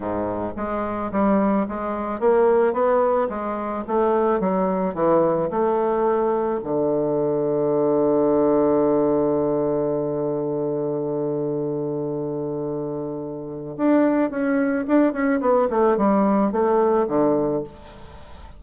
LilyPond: \new Staff \with { instrumentName = "bassoon" } { \time 4/4 \tempo 4 = 109 gis,4 gis4 g4 gis4 | ais4 b4 gis4 a4 | fis4 e4 a2 | d1~ |
d1~ | d1~ | d4 d'4 cis'4 d'8 cis'8 | b8 a8 g4 a4 d4 | }